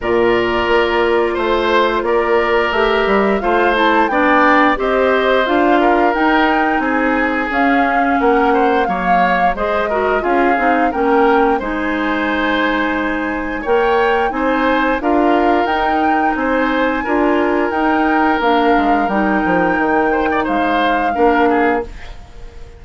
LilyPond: <<
  \new Staff \with { instrumentName = "flute" } { \time 4/4 \tempo 4 = 88 d''2 c''4 d''4 | e''4 f''8 a''8 g''4 dis''4 | f''4 g''4 gis''4 f''4 | fis''4 f''4 dis''4 f''4 |
g''4 gis''2. | g''4 gis''4 f''4 g''4 | gis''2 g''4 f''4 | g''2 f''2 | }
  \new Staff \with { instrumentName = "oboe" } { \time 4/4 ais'2 c''4 ais'4~ | ais'4 c''4 d''4 c''4~ | c''8 ais'4. gis'2 | ais'8 c''8 cis''4 c''8 ais'8 gis'4 |
ais'4 c''2. | cis''4 c''4 ais'2 | c''4 ais'2.~ | ais'4. c''16 d''16 c''4 ais'8 gis'8 | }
  \new Staff \with { instrumentName = "clarinet" } { \time 4/4 f'1 | g'4 f'8 e'8 d'4 g'4 | f'4 dis'2 cis'4~ | cis'4 ais4 gis'8 fis'8 f'8 dis'8 |
cis'4 dis'2. | ais'4 dis'4 f'4 dis'4~ | dis'4 f'4 dis'4 d'4 | dis'2. d'4 | }
  \new Staff \with { instrumentName = "bassoon" } { \time 4/4 ais,4 ais4 a4 ais4 | a8 g8 a4 b4 c'4 | d'4 dis'4 c'4 cis'4 | ais4 fis4 gis4 cis'8 c'8 |
ais4 gis2. | ais4 c'4 d'4 dis'4 | c'4 d'4 dis'4 ais8 gis8 | g8 f8 dis4 gis4 ais4 | }
>>